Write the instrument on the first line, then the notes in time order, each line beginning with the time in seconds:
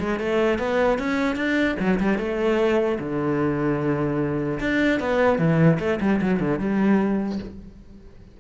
cello
0.00 G#3
0.20 A3
0.59 B3
0.99 C#4
1.36 D4
1.80 F#3
2.00 G3
2.19 A3
3.00 D3
4.60 D4
5.00 B3
5.39 E3
5.80 A3
6.01 G3
6.22 F#3
6.40 D3
6.59 G3